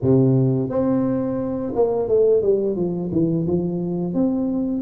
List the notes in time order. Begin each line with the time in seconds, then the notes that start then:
0.02 C3
0.69 C4
1.75 A#3
2.08 A3
2.41 G3
2.76 F3
3.12 E3
3.46 F3
4.13 C4